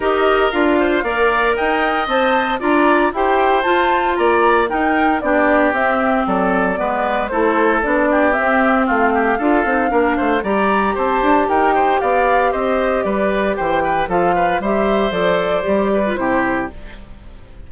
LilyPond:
<<
  \new Staff \with { instrumentName = "flute" } { \time 4/4 \tempo 4 = 115 dis''4 f''2 g''4 | a''4 ais''4 g''4 a''4 | ais''4 g''4 d''4 e''4 | d''2 c''4 d''4 |
e''4 f''2. | ais''4 a''4 g''4 f''4 | dis''4 d''4 g''4 f''4 | e''4 d''2 c''4 | }
  \new Staff \with { instrumentName = "oboe" } { \time 4/4 ais'4. c''8 d''4 dis''4~ | dis''4 d''4 c''2 | d''4 ais'4 g'2 | a'4 b'4 a'4. g'8~ |
g'4 f'8 g'8 a'4 ais'8 c''8 | d''4 c''4 ais'8 c''8 d''4 | c''4 b'4 c''8 b'8 a'8 b'8 | c''2~ c''8 b'8 g'4 | }
  \new Staff \with { instrumentName = "clarinet" } { \time 4/4 g'4 f'4 ais'2 | c''4 f'4 g'4 f'4~ | f'4 dis'4 d'4 c'4~ | c'4 b4 e'4 d'4 |
c'2 f'8 dis'8 d'4 | g'1~ | g'2. f'4 | g'4 a'4 g'8. f'16 e'4 | }
  \new Staff \with { instrumentName = "bassoon" } { \time 4/4 dis'4 d'4 ais4 dis'4 | c'4 d'4 e'4 f'4 | ais4 dis'4 b4 c'4 | fis4 gis4 a4 b4 |
c'4 a4 d'8 c'8 ais8 a8 | g4 c'8 d'8 dis'4 b4 | c'4 g4 e4 f4 | g4 f4 g4 c4 | }
>>